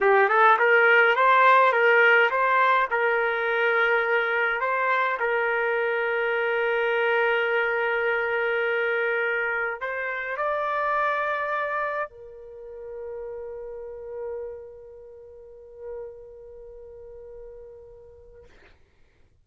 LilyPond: \new Staff \with { instrumentName = "trumpet" } { \time 4/4 \tempo 4 = 104 g'8 a'8 ais'4 c''4 ais'4 | c''4 ais'2. | c''4 ais'2.~ | ais'1~ |
ais'4 c''4 d''2~ | d''4 ais'2.~ | ais'1~ | ais'1 | }